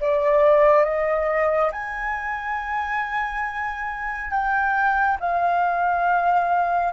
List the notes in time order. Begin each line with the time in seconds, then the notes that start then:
0.00 D5
0.84 D#5
1.72 G#5
4.31 G5
5.20 F5